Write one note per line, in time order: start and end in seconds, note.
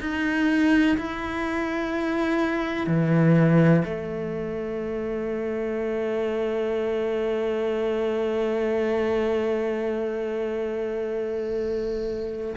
0.00 0.97 D#4
0.98 2.87 E4
2.87 3.84 E3
3.84 12.55 A3